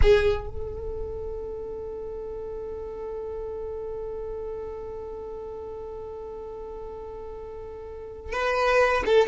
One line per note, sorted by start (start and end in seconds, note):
0.02 0.48 G#4
0.48 8.32 A4
8.32 9.03 B4
9.05 9.27 A4